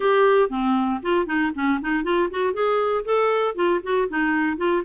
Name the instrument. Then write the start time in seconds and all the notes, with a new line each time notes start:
clarinet
0.00 G4
0.49 C4
1.02 F4
1.26 D#4
1.54 C#4
1.81 D#4
2.03 F4
2.30 F#4
2.53 G#4
3.04 A4
3.55 F4
3.83 F#4
4.08 D#4
4.57 F4